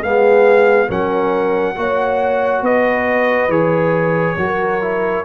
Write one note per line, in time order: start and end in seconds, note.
0.00 0.90 G#3
0.00 0.89 B3
0.00 0.87 G#4
0.00 0.90 F5
0.89 1.77 F#3
0.89 1.76 C#4
0.89 1.76 A#4
0.89 2.65 F#5
1.76 2.62 A#3
1.76 3.50 F#4
1.76 2.63 C#5
2.62 3.49 B3
2.62 4.37 B4
2.62 3.51 D#5
3.49 4.36 E3
3.49 4.37 G#4
3.49 5.25 C#5
4.37 5.24 F#3
4.37 4.82 F#4
4.37 5.25 A#4
4.82 5.25 E4